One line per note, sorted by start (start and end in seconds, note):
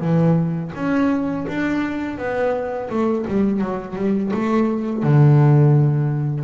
0.00 0.71 E3
0.75 1.46 C#4
1.48 2.18 D4
2.18 2.89 B3
2.90 3.26 A3
3.27 3.61 G3
3.61 3.96 F#3
3.96 4.32 G3
4.33 5.03 A3
5.03 6.44 D3